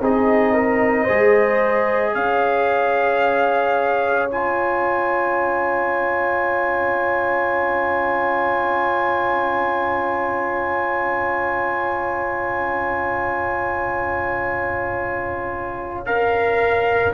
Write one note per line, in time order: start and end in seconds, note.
0.00 1.07 C4
0.00 1.08 D#4
0.00 0.53 G#4
0.00 2.14 D#5
0.53 1.04 A#4
1.04 2.14 G#3
1.04 4.29 G#4
1.04 2.11 C5
2.14 17.14 C#4
2.14 17.14 C#5
2.14 4.29 F5
4.30 16.06 F4
4.30 16.06 G#5
16.06 17.13 A#4
16.06 17.13 F5